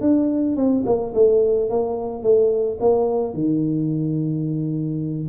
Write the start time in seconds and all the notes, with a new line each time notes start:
0.00 D4
0.56 C4
0.85 A#3
1.14 A3
1.69 A#3
2.22 A3
2.80 A#3
3.34 D#3